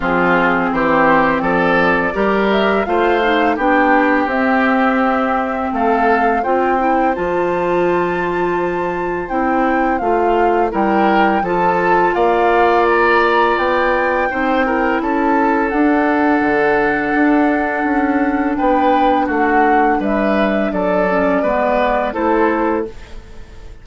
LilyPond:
<<
  \new Staff \with { instrumentName = "flute" } { \time 4/4 \tempo 4 = 84 gis'4 c''4 d''4. e''8 | f''4 g''4 e''2 | f''4 g''4 a''2~ | a''4 g''4 f''4 g''4 |
a''4 f''4 ais''4 g''4~ | g''4 a''4 fis''2~ | fis''2 g''4 fis''4 | e''4 d''2 c''4 | }
  \new Staff \with { instrumentName = "oboe" } { \time 4/4 f'4 g'4 a'4 ais'4 | c''4 g'2. | a'4 c''2.~ | c''2. ais'4 |
a'4 d''2. | c''8 ais'8 a'2.~ | a'2 b'4 fis'4 | b'4 a'4 b'4 a'4 | }
  \new Staff \with { instrumentName = "clarinet" } { \time 4/4 c'2. g'4 | f'8 dis'8 d'4 c'2~ | c'4 f'8 e'8 f'2~ | f'4 e'4 f'4 e'4 |
f'1 | dis'8 e'4. d'2~ | d'1~ | d'4. cis'8 b4 e'4 | }
  \new Staff \with { instrumentName = "bassoon" } { \time 4/4 f4 e4 f4 g4 | a4 b4 c'2 | a4 c'4 f2~ | f4 c'4 a4 g4 |
f4 ais2 b4 | c'4 cis'4 d'4 d4 | d'4 cis'4 b4 a4 | g4 fis4 gis4 a4 | }
>>